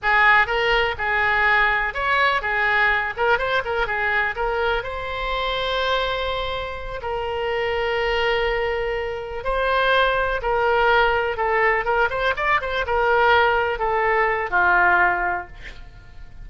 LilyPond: \new Staff \with { instrumentName = "oboe" } { \time 4/4 \tempo 4 = 124 gis'4 ais'4 gis'2 | cis''4 gis'4. ais'8 c''8 ais'8 | gis'4 ais'4 c''2~ | c''2~ c''8 ais'4.~ |
ais'2.~ ais'8 c''8~ | c''4. ais'2 a'8~ | a'8 ais'8 c''8 d''8 c''8 ais'4.~ | ais'8 a'4. f'2 | }